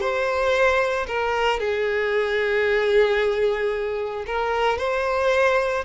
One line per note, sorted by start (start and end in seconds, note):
0.00 1.06 C5
1.07 1.59 A#4
1.59 4.25 G#4
4.26 4.78 A#4
4.78 5.84 C5